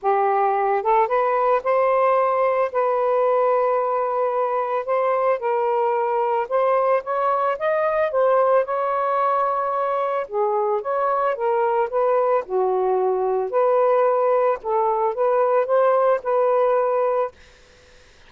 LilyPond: \new Staff \with { instrumentName = "saxophone" } { \time 4/4 \tempo 4 = 111 g'4. a'8 b'4 c''4~ | c''4 b'2.~ | b'4 c''4 ais'2 | c''4 cis''4 dis''4 c''4 |
cis''2. gis'4 | cis''4 ais'4 b'4 fis'4~ | fis'4 b'2 a'4 | b'4 c''4 b'2 | }